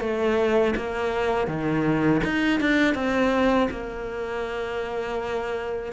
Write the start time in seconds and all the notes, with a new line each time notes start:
0.00 A3
0.76 A#3
1.47 D#3
2.24 D#4
2.60 D4
2.95 C4
3.71 A#3